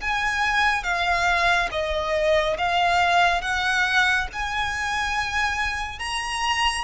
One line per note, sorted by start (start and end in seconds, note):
0.00 0.83 G#5
0.83 1.69 F5
1.71 2.57 D#5
2.58 3.41 F5
3.41 4.27 F#5
4.32 5.99 G#5
5.99 6.84 A#5